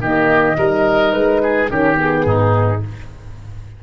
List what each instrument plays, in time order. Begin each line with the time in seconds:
0.00 tuba D#3, horn A#3, oboe G4, flute D#5
0.57 tuba G3, horn D#4, oboe A#4
1.12 tuba G#3, flute B4
1.42 oboe G#4
1.69 tuba D#3, horn C#4, oboe G4, flute A#4
1.95 horn B3, flute G#4
2.25 tuba G#2, oboe D#4